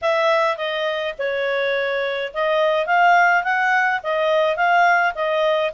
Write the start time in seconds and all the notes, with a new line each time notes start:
0.01 E5
0.57 D#5
1.18 C#5
2.33 D#5
2.86 F5
3.43 F#5
4.03 D#5
4.56 F5
5.14 D#5